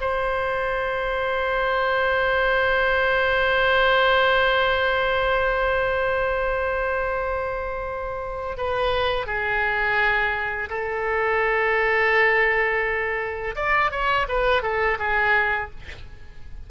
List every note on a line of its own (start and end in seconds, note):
0.00 8.57 C5
8.57 9.26 B4
9.26 10.69 G#4
10.69 13.55 A4
13.56 13.91 D5
13.91 14.27 C#5
14.28 14.62 B4
14.62 14.98 A4
14.99 15.70 G#4